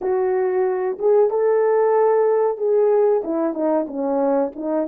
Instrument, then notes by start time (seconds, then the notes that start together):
horn
0.01 F#4
0.98 G#4
1.29 A4
2.57 G#4
3.24 E4
3.53 D#4
3.87 C#4
4.55 D#4